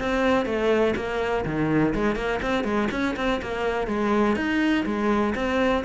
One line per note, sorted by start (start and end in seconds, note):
0.00 0.46 C4
0.46 0.95 A3
0.97 1.45 A#3
1.46 1.94 D#3
1.95 2.16 G#3
2.16 2.41 A#3
2.43 2.65 C4
2.65 2.89 G#3
2.92 3.16 C#4
3.17 3.41 C4
3.42 3.88 A#3
3.88 4.36 G#3
4.36 4.85 D#4
4.86 5.35 G#3
5.36 5.84 C4